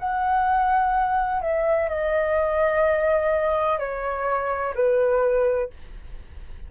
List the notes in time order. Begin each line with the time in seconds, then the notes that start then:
0.00 F#5
1.42 E5
1.89 D#5
3.80 C#5
4.75 B4